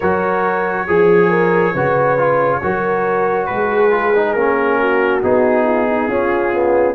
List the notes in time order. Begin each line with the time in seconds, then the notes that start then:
0.00 F#3 F#4 A#4 C#5
0.87 F3 G#4
1.28 A#4
1.73 C#3 F#4 B4
2.18 F4
2.62 F#3 F#4 A#4
3.46 G#3 G#4 B4
3.91 F4
4.15 D#4
4.33 A#3 C#4 A#4
4.79 F#4
5.22 B3 D#4 G#4
5.64 F4
5.88 D#4
6.07 C#4 F4
6.52 B3